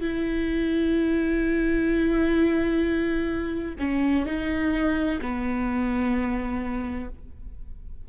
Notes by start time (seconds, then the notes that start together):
0.00 E4
3.78 C#4
4.25 D#4
5.21 B3